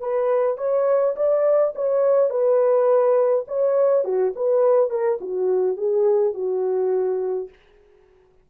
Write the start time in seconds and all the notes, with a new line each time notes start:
0.00 B4
0.57 C#5
1.16 D5
1.75 C#5
2.29 B4
3.47 C#5
4.04 F#4
4.35 B4
4.90 A#4
5.21 F#4
5.77 G#4
6.34 F#4